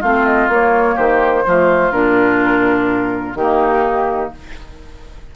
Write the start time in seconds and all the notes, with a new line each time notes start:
0.00 A3 C4 F4 F5
0.26 D#5
0.49 A#3 C#5
0.95 D#3 G4 C5
1.47 F3 A3 F4
1.92 A#2 D4 A#4
3.35 D#3 A#3 D#4 G4